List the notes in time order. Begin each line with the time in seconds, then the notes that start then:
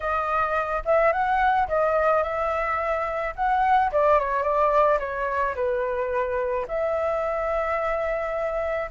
0.00 D#5
0.85 E5
1.12 F#5
1.68 D#5
2.23 E5
3.35 F#5
3.92 D5
4.19 C#5
4.43 D5
4.99 C#5
5.55 B4
6.68 E5